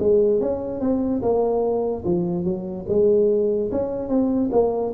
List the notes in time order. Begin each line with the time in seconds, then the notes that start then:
0.00 G#3
0.41 C#4
0.81 C4
1.23 A#3
2.05 F3
2.45 F#3
2.89 G#3
3.72 C#4
4.09 C4
4.52 A#3